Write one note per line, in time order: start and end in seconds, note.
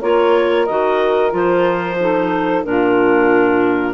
0.00 0.67 A#3
0.00 0.67 F4
0.00 1.98 A#4
0.00 0.66 C#5
0.66 1.33 D#3
0.66 1.30 F#4
0.66 1.32 D#5
1.30 2.64 F3
1.30 1.96 F4
1.30 2.64 C5
2.00 2.64 D#4
2.00 2.65 A4
2.64 3.94 A#2
2.64 3.94 D4
2.64 3.94 F4
2.64 3.94 A#4